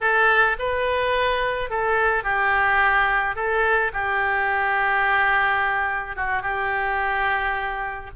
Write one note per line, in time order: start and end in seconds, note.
0.00 0.56 A4
0.59 1.69 B4
1.69 2.23 A4
2.23 3.35 G4
3.35 3.91 A4
3.93 6.16 G4
6.16 6.42 F#4
6.42 8.10 G4